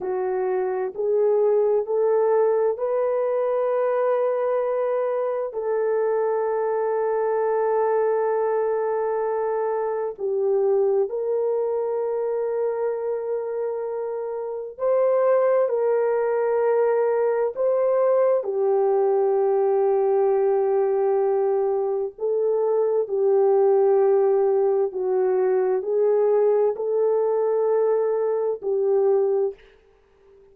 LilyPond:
\new Staff \with { instrumentName = "horn" } { \time 4/4 \tempo 4 = 65 fis'4 gis'4 a'4 b'4~ | b'2 a'2~ | a'2. g'4 | ais'1 |
c''4 ais'2 c''4 | g'1 | a'4 g'2 fis'4 | gis'4 a'2 g'4 | }